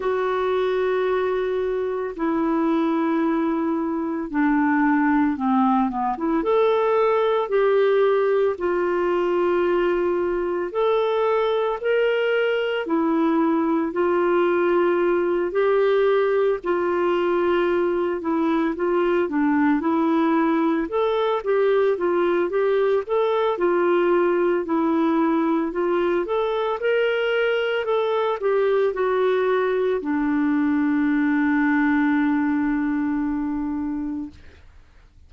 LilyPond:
\new Staff \with { instrumentName = "clarinet" } { \time 4/4 \tempo 4 = 56 fis'2 e'2 | d'4 c'8 b16 e'16 a'4 g'4 | f'2 a'4 ais'4 | e'4 f'4. g'4 f'8~ |
f'4 e'8 f'8 d'8 e'4 a'8 | g'8 f'8 g'8 a'8 f'4 e'4 | f'8 a'8 ais'4 a'8 g'8 fis'4 | d'1 | }